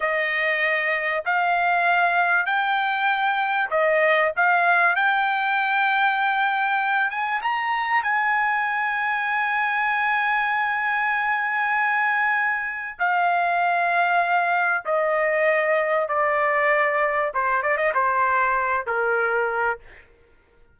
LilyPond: \new Staff \with { instrumentName = "trumpet" } { \time 4/4 \tempo 4 = 97 dis''2 f''2 | g''2 dis''4 f''4 | g''2.~ g''8 gis''8 | ais''4 gis''2.~ |
gis''1~ | gis''4 f''2. | dis''2 d''2 | c''8 d''16 dis''16 c''4. ais'4. | }